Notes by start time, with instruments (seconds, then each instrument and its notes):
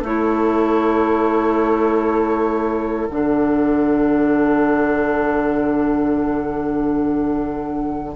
0.00 bassoon A3, clarinet E4, oboe A4, flute C#5
3.08 bassoon D3, clarinet D4, flute F#5